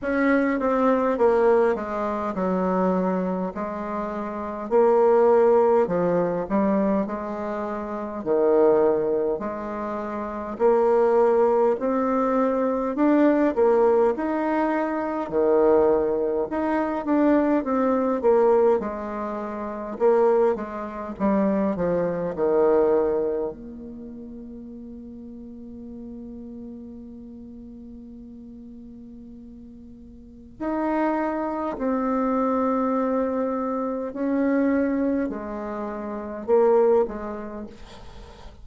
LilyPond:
\new Staff \with { instrumentName = "bassoon" } { \time 4/4 \tempo 4 = 51 cis'8 c'8 ais8 gis8 fis4 gis4 | ais4 f8 g8 gis4 dis4 | gis4 ais4 c'4 d'8 ais8 | dis'4 dis4 dis'8 d'8 c'8 ais8 |
gis4 ais8 gis8 g8 f8 dis4 | ais1~ | ais2 dis'4 c'4~ | c'4 cis'4 gis4 ais8 gis8 | }